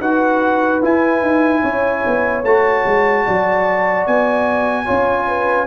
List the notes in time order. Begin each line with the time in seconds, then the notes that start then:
0.00 D#4 F#4 B4 F#5
0.82 E4 G#5
1.22 D#4
1.62 C#4 C#5
2.07 B3
2.44 A3 F#4 A5
2.86 G#3
3.26 F#3 D5
4.07 B3 G#5
4.85 C#4 F4 C#5
5.28 B4